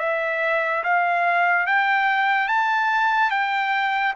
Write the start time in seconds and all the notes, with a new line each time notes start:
0.00 E5
0.84 F5
1.67 G5
2.48 A5
3.30 G5